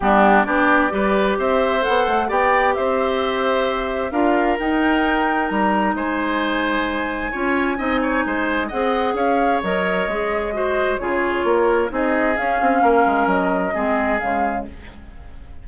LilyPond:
<<
  \new Staff \with { instrumentName = "flute" } { \time 4/4 \tempo 4 = 131 g'4 d''2 e''4 | fis''4 g''4 e''2~ | e''4 f''4 g''2 | ais''4 gis''2.~ |
gis''2. fis''4 | f''4 dis''2. | cis''2 dis''4 f''4~ | f''4 dis''2 f''4 | }
  \new Staff \with { instrumentName = "oboe" } { \time 4/4 d'4 g'4 b'4 c''4~ | c''4 d''4 c''2~ | c''4 ais'2.~ | ais'4 c''2. |
cis''4 dis''8 cis''8 c''4 dis''4 | cis''2. c''4 | gis'4 ais'4 gis'2 | ais'2 gis'2 | }
  \new Staff \with { instrumentName = "clarinet" } { \time 4/4 b4 d'4 g'2 | a'4 g'2.~ | g'4 f'4 dis'2~ | dis'1 |
f'4 dis'2 gis'4~ | gis'4 ais'4 gis'4 fis'4 | f'2 dis'4 cis'4~ | cis'2 c'4 gis4 | }
  \new Staff \with { instrumentName = "bassoon" } { \time 4/4 g4 b4 g4 c'4 | b8 a8 b4 c'2~ | c'4 d'4 dis'2 | g4 gis2. |
cis'4 c'4 gis4 c'4 | cis'4 fis4 gis2 | cis4 ais4 c'4 cis'8 c'8 | ais8 gis8 fis4 gis4 cis4 | }
>>